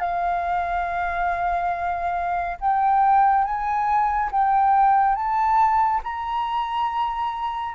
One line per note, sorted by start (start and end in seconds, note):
0.00 2.57 F5
2.61 3.44 G5
3.44 4.30 G#5
4.32 5.15 G5
5.15 6.01 A5
6.04 7.75 A#5